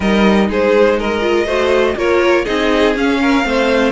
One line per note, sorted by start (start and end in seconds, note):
0.00 0.49 G3
0.00 1.21 D#4
0.00 0.48 A#4
0.00 0.49 D#5
0.49 1.45 G#3
0.49 0.98 G#4
0.49 0.99 C5
0.98 1.46 A#4
0.98 1.98 D#5
1.21 1.45 F4
1.45 1.95 A3
1.45 1.96 F#4
1.45 1.95 C5
1.96 2.45 A#3
1.96 2.45 F4
1.96 2.45 A#4
1.96 2.45 C#5
2.45 2.95 C4
2.45 2.94 D#4
2.45 3.18 G#4
2.45 2.94 D#5
2.95 3.43 C#4
2.95 3.44 C#4
2.95 3.92 F5
3.21 3.46 A#4
3.43 3.92 A3
3.43 3.92 C4
3.43 3.92 C5